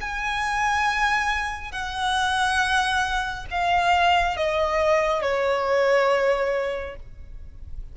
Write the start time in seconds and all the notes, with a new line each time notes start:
0.00 G#5
1.72 F#5
3.50 F5
4.36 D#5
5.21 C#5